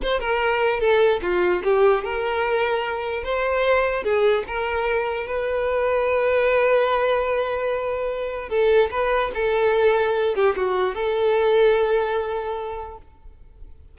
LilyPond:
\new Staff \with { instrumentName = "violin" } { \time 4/4 \tempo 4 = 148 c''8 ais'4. a'4 f'4 | g'4 ais'2. | c''2 gis'4 ais'4~ | ais'4 b'2.~ |
b'1~ | b'4 a'4 b'4 a'4~ | a'4. g'8 fis'4 a'4~ | a'1 | }